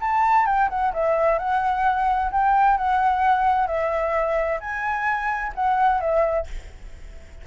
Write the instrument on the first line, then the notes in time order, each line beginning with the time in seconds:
flute
0.00 A5
0.46 G5
0.69 F#5
0.93 E5
1.38 F#5
2.31 G5
2.77 F#5
3.67 E5
4.60 G#5
5.55 F#5
6.00 E5